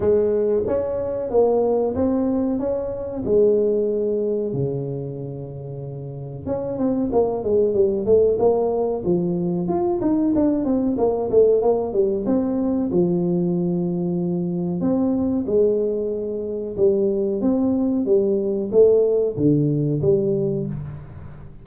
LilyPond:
\new Staff \with { instrumentName = "tuba" } { \time 4/4 \tempo 4 = 93 gis4 cis'4 ais4 c'4 | cis'4 gis2 cis4~ | cis2 cis'8 c'8 ais8 gis8 | g8 a8 ais4 f4 f'8 dis'8 |
d'8 c'8 ais8 a8 ais8 g8 c'4 | f2. c'4 | gis2 g4 c'4 | g4 a4 d4 g4 | }